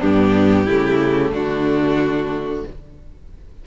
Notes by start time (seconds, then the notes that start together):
0.00 G2 B3 D4 G4
0.65 C#3 A3 E4
1.32 D3 D4 F#4